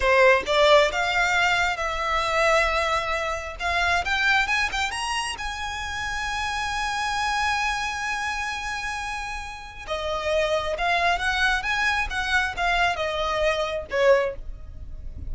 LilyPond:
\new Staff \with { instrumentName = "violin" } { \time 4/4 \tempo 4 = 134 c''4 d''4 f''2 | e''1 | f''4 g''4 gis''8 g''8 ais''4 | gis''1~ |
gis''1~ | gis''2 dis''2 | f''4 fis''4 gis''4 fis''4 | f''4 dis''2 cis''4 | }